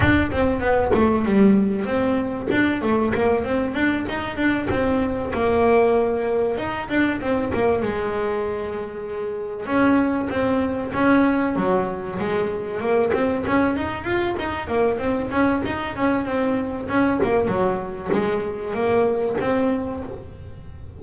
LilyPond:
\new Staff \with { instrumentName = "double bass" } { \time 4/4 \tempo 4 = 96 d'8 c'8 b8 a8 g4 c'4 | d'8 a8 ais8 c'8 d'8 dis'8 d'8 c'8~ | c'8 ais2 dis'8 d'8 c'8 | ais8 gis2. cis'8~ |
cis'8 c'4 cis'4 fis4 gis8~ | gis8 ais8 c'8 cis'8 dis'8 f'8 dis'8 ais8 | c'8 cis'8 dis'8 cis'8 c'4 cis'8 ais8 | fis4 gis4 ais4 c'4 | }